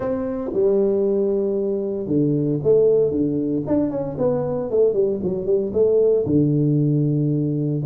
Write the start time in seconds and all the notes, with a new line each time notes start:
0.00 C4
0.53 G3
2.07 D3
2.63 A3
3.11 D3
3.66 D4
3.90 C#4
4.18 B3
4.70 A3
4.93 G3
5.23 F#3
5.45 G3
5.73 A3
6.26 D3